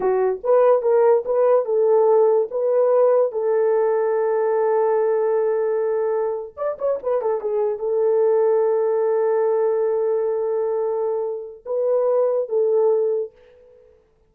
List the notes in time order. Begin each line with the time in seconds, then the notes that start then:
0.00 F#4
0.43 B4
0.81 A#4
1.25 B4
1.65 A4
2.50 B4
3.32 A4
6.56 D5
6.78 C#5
7.02 B4
7.21 A4
7.41 G#4
7.78 A4
11.65 B4
12.48 A4